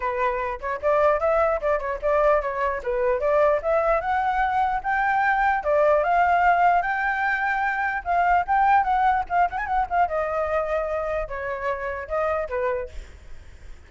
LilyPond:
\new Staff \with { instrumentName = "flute" } { \time 4/4 \tempo 4 = 149 b'4. cis''8 d''4 e''4 | d''8 cis''8 d''4 cis''4 b'4 | d''4 e''4 fis''2 | g''2 d''4 f''4~ |
f''4 g''2. | f''4 g''4 fis''4 f''8 fis''16 gis''16 | fis''8 f''8 dis''2. | cis''2 dis''4 b'4 | }